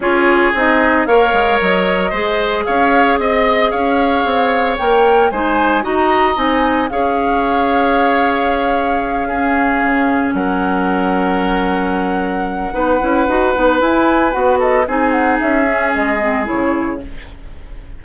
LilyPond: <<
  \new Staff \with { instrumentName = "flute" } { \time 4/4 \tempo 4 = 113 cis''4 dis''4 f''4 dis''4~ | dis''4 f''4 dis''4 f''4~ | f''4 g''4 gis''4 ais''4 | gis''4 f''2.~ |
f''2.~ f''8 fis''8~ | fis''1~ | fis''2 gis''4 fis''8 dis''8 | gis''8 fis''8 e''4 dis''4 cis''4 | }
  \new Staff \with { instrumentName = "oboe" } { \time 4/4 gis'2 cis''2 | c''4 cis''4 dis''4 cis''4~ | cis''2 c''4 dis''4~ | dis''4 cis''2.~ |
cis''4. gis'2 ais'8~ | ais'1 | b'2.~ b'8 a'8 | gis'1 | }
  \new Staff \with { instrumentName = "clarinet" } { \time 4/4 f'4 dis'4 ais'2 | gis'1~ | gis'4 ais'4 dis'4 fis'4 | dis'4 gis'2.~ |
gis'4. cis'2~ cis'8~ | cis'1 | dis'8 e'8 fis'8 dis'8 e'4 fis'4 | dis'4. cis'4 c'8 e'4 | }
  \new Staff \with { instrumentName = "bassoon" } { \time 4/4 cis'4 c'4 ais8 gis8 fis4 | gis4 cis'4 c'4 cis'4 | c'4 ais4 gis4 dis'4 | c'4 cis'2.~ |
cis'2~ cis'8 cis4 fis8~ | fis1 | b8 cis'8 dis'8 b8 e'4 b4 | c'4 cis'4 gis4 cis4 | }
>>